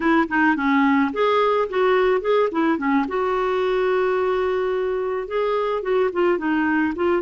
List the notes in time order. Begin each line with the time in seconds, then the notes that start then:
0.00 E4
0.28 D#4
0.56 C#4
1.12 G#4
1.69 F#4
2.21 G#4
2.51 E4
2.78 C#4
3.08 F#4
5.27 G#4
5.82 F#4
6.13 F4
6.37 D#4
6.95 F4